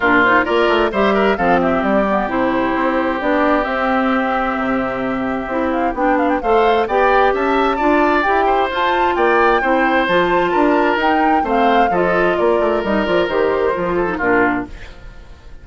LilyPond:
<<
  \new Staff \with { instrumentName = "flute" } { \time 4/4 \tempo 4 = 131 ais'8 c''8 d''4 e''4 f''8 e''8 | d''4 c''2 d''4 | e''1~ | e''8 f''8 g''8 f''16 g''16 f''4 g''4 |
a''2 g''4 a''4 | g''2 a''2 | g''4 f''4 dis''4 d''4 | dis''8 d''8 c''2 ais'4 | }
  \new Staff \with { instrumentName = "oboe" } { \time 4/4 f'4 ais'4 c''8 ais'8 a'8 g'8~ | g'1~ | g'1~ | g'2 c''4 d''4 |
e''4 d''4. c''4. | d''4 c''2 ais'4~ | ais'4 c''4 a'4 ais'4~ | ais'2~ ais'8 a'8 f'4 | }
  \new Staff \with { instrumentName = "clarinet" } { \time 4/4 d'8 dis'8 f'4 g'4 c'4~ | c'8 b8 e'2 d'4 | c'1 | e'4 d'4 a'4 g'4~ |
g'4 f'4 g'4 f'4~ | f'4 e'4 f'2 | dis'4 c'4 f'2 | dis'8 f'8 g'4 f'8. dis'16 d'4 | }
  \new Staff \with { instrumentName = "bassoon" } { \time 4/4 ais,4 ais8 a8 g4 f4 | g4 c4 c'4 b4 | c'2 c2 | c'4 b4 a4 b4 |
cis'4 d'4 e'4 f'4 | ais4 c'4 f4 d'4 | dis'4 a4 f4 ais8 a8 | g8 f8 dis4 f4 ais,4 | }
>>